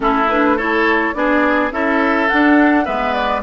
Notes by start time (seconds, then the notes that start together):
0.00 A3 C#4 E4 A4
0.29 D4 B4
0.56 E4 A4 C#5
1.14 B3 D4 G#4 D5
1.71 C#4 E4 A4 E5
2.28 D4 F#5
2.84 G#3 B3 B4 E5
3.13 D5